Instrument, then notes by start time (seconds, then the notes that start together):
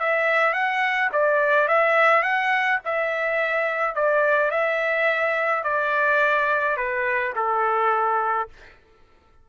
trumpet
0.00 E5
0.54 F#5
1.12 D5
1.68 E5
2.23 F#5
2.85 E5
3.95 D5
4.51 E5
5.64 D5
6.77 B4
7.36 A4